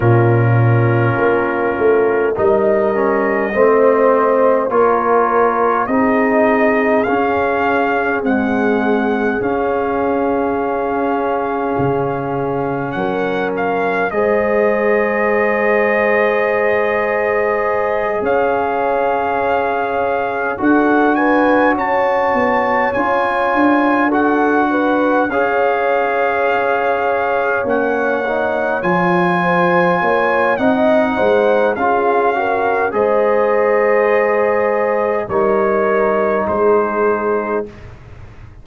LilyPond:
<<
  \new Staff \with { instrumentName = "trumpet" } { \time 4/4 \tempo 4 = 51 ais'2 dis''2 | cis''4 dis''4 f''4 fis''4 | f''2. fis''8 f''8 | dis''2.~ dis''8 f''8~ |
f''4. fis''8 gis''8 a''4 gis''8~ | gis''8 fis''4 f''2 fis''8~ | fis''8 gis''4. fis''4 f''4 | dis''2 cis''4 c''4 | }
  \new Staff \with { instrumentName = "horn" } { \time 4/4 f'2 ais'4 c''4 | ais'4 gis'2.~ | gis'2. ais'4 | c''2.~ c''8 cis''8~ |
cis''4. a'8 b'8 cis''4.~ | cis''8 a'8 b'8 cis''2~ cis''8~ | cis''4 c''8 cis''8 dis''8 c''8 gis'8 ais'8 | c''2 ais'4 gis'4 | }
  \new Staff \with { instrumentName = "trombone" } { \time 4/4 cis'2 dis'8 cis'8 c'4 | f'4 dis'4 cis'4 gis4 | cis'1 | gis'1~ |
gis'4. fis'2 f'8~ | f'8 fis'4 gis'2 cis'8 | dis'8 f'4. dis'4 f'8 fis'8 | gis'2 dis'2 | }
  \new Staff \with { instrumentName = "tuba" } { \time 4/4 ais,4 ais8 a8 g4 a4 | ais4 c'4 cis'4 c'4 | cis'2 cis4 fis4 | gis2.~ gis8 cis'8~ |
cis'4. d'4 cis'8 b8 cis'8 | d'4. cis'2 ais8~ | ais8 f4 ais8 c'8 gis8 cis'4 | gis2 g4 gis4 | }
>>